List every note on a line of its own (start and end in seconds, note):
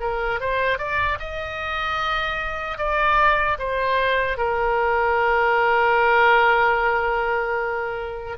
0.00 0.40 A#4
0.40 0.78 C5
0.78 1.18 D5
1.19 2.78 D#5
2.78 3.58 D5
3.59 4.37 C5
4.37 8.37 A#4